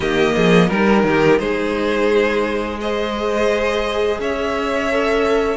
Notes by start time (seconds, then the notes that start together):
0.00 D#3 A#3 G4 D#5
0.35 F3 G#4
0.67 G3 D#4 A#4
1.03 D#3 G4
1.39 G#3 G#4 C5
2.80 G#4 C5 D#5
4.19 C#4 C#5 E5
4.91 A4